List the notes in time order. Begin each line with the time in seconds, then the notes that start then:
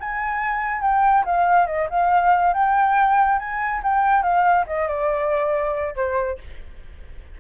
0.00 G#5
0.81 G5
1.25 F5
1.67 D#5
1.90 F5
2.53 G5
3.39 G#5
3.83 G5
4.23 F5
4.66 D#5
4.88 D5
5.95 C5